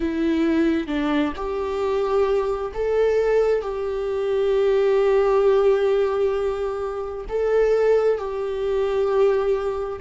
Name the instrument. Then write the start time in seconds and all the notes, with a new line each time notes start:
viola
0.00 E4
0.87 D4
1.36 G4
2.74 A4
3.61 G4
7.29 A4
8.17 G4